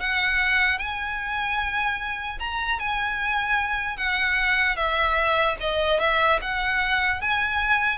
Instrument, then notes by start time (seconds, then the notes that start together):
violin
0.00 F#5
0.79 G#5
2.39 A#5
2.79 G#5
3.97 F#5
4.76 E5
5.60 D#5
6.00 E5
6.41 F#5
7.21 G#5